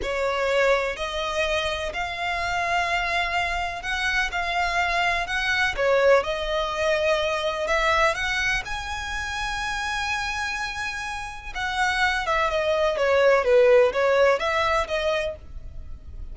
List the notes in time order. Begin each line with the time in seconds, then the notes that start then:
0.02 C#5
0.96 D#5
1.93 F5
3.82 F#5
4.31 F5
5.26 F#5
5.76 C#5
6.23 D#5
7.67 E5
8.14 F#5
8.65 G#5
11.54 F#5
12.26 E5
12.50 D#5
12.97 C#5
13.44 B4
13.92 C#5
14.39 E5
14.87 D#5